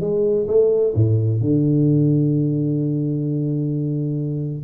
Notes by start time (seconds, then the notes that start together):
0.00 G#3
0.47 A3
0.94 A2
1.41 D3